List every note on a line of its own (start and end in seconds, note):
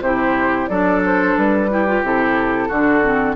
0.00 0.67 C3
0.00 0.70 E4
0.00 0.69 G4
0.00 0.67 C5
0.67 1.36 F#3
0.67 1.69 D4
0.67 1.69 A4
0.67 1.01 D5
1.05 1.37 C5
1.37 2.02 G3
1.37 2.04 B4
1.69 1.86 E4
1.69 2.68 G4
1.87 2.03 F4
2.02 2.69 C3
2.02 2.70 E4
2.02 3.35 A4
2.68 3.35 D3
2.68 3.03 D4
2.68 3.35 F#4
3.03 3.35 C4